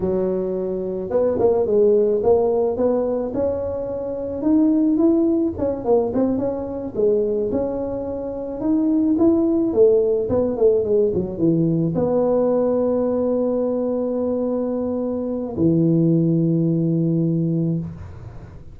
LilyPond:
\new Staff \with { instrumentName = "tuba" } { \time 4/4 \tempo 4 = 108 fis2 b8 ais8 gis4 | ais4 b4 cis'2 | dis'4 e'4 cis'8 ais8 c'8 cis'8~ | cis'8 gis4 cis'2 dis'8~ |
dis'8 e'4 a4 b8 a8 gis8 | fis8 e4 b2~ b8~ | b1 | e1 | }